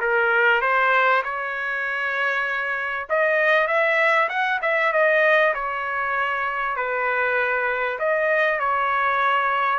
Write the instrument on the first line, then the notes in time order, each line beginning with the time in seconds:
trumpet
0.00 A#4
0.61 C5
1.24 C#5
3.09 D#5
3.67 E5
4.29 F#5
4.62 E5
4.92 D#5
5.54 C#5
6.76 B4
7.99 D#5
8.59 C#5